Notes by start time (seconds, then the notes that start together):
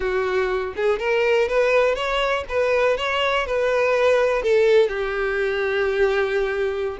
0.00 F#4
0.76 G#4
0.99 A#4
1.48 B4
1.95 C#5
2.48 B4
2.97 C#5
3.46 B4
4.42 A4
4.88 G4